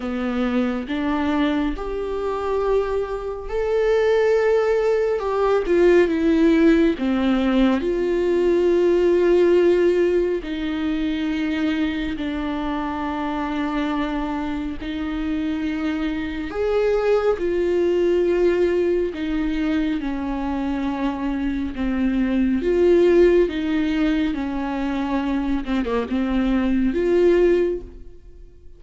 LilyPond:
\new Staff \with { instrumentName = "viola" } { \time 4/4 \tempo 4 = 69 b4 d'4 g'2 | a'2 g'8 f'8 e'4 | c'4 f'2. | dis'2 d'2~ |
d'4 dis'2 gis'4 | f'2 dis'4 cis'4~ | cis'4 c'4 f'4 dis'4 | cis'4. c'16 ais16 c'4 f'4 | }